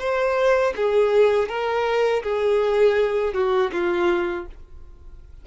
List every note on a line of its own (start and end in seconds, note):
0.00 0.74 C5
0.76 1.49 G#4
1.49 2.23 A#4
2.24 3.34 G#4
3.34 3.71 F#4
3.72 4.46 F4